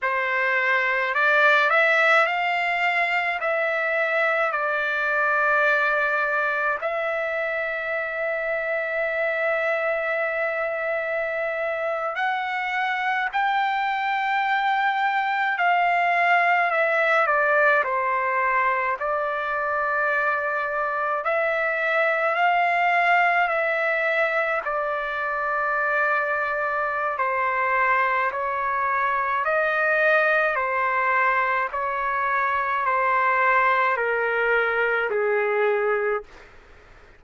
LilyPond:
\new Staff \with { instrumentName = "trumpet" } { \time 4/4 \tempo 4 = 53 c''4 d''8 e''8 f''4 e''4 | d''2 e''2~ | e''2~ e''8. fis''4 g''16~ | g''4.~ g''16 f''4 e''8 d''8 c''16~ |
c''8. d''2 e''4 f''16~ | f''8. e''4 d''2~ d''16 | c''4 cis''4 dis''4 c''4 | cis''4 c''4 ais'4 gis'4 | }